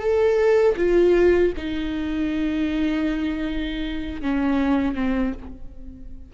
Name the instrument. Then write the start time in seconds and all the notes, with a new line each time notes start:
viola
0.00 A4
0.77 F4
1.57 D#4
4.22 C#4
4.95 C4